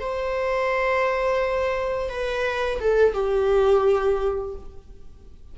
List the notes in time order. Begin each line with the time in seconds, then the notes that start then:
0.00 C5
2.09 B4
2.80 A4
3.13 G4